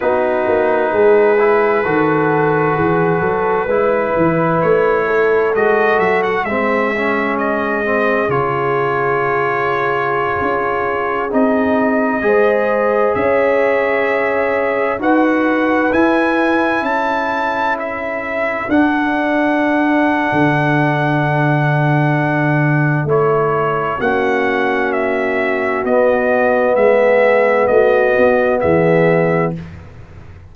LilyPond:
<<
  \new Staff \with { instrumentName = "trumpet" } { \time 4/4 \tempo 4 = 65 b'1~ | b'4 cis''4 dis''8 e''16 fis''16 e''4 | dis''4 cis''2.~ | cis''16 dis''2 e''4.~ e''16~ |
e''16 fis''4 gis''4 a''4 e''8.~ | e''16 fis''2.~ fis''8.~ | fis''4 cis''4 fis''4 e''4 | dis''4 e''4 dis''4 e''4 | }
  \new Staff \with { instrumentName = "horn" } { \time 4/4 fis'4 gis'4 a'4 gis'8 a'8 | b'4. a'4. gis'4~ | gis'1~ | gis'4~ gis'16 c''4 cis''4.~ cis''16~ |
cis''16 b'2 a'4.~ a'16~ | a'1~ | a'2 fis'2~ | fis'4 gis'4 fis'4 gis'4 | }
  \new Staff \with { instrumentName = "trombone" } { \time 4/4 dis'4. e'8 fis'2 | e'2 fis'4 c'8 cis'8~ | cis'8 c'8 f'2.~ | f'16 dis'4 gis'2~ gis'8.~ |
gis'16 fis'4 e'2~ e'8.~ | e'16 d'2.~ d'8.~ | d'4 e'4 cis'2 | b1 | }
  \new Staff \with { instrumentName = "tuba" } { \time 4/4 b8 ais8 gis4 dis4 e8 fis8 | gis8 e8 a4 gis8 fis8 gis4~ | gis4 cis2~ cis16 cis'8.~ | cis'16 c'4 gis4 cis'4.~ cis'16~ |
cis'16 dis'4 e'4 cis'4.~ cis'16~ | cis'16 d'4.~ d'16 d2~ | d4 a4 ais2 | b4 gis4 a8 b8 e4 | }
>>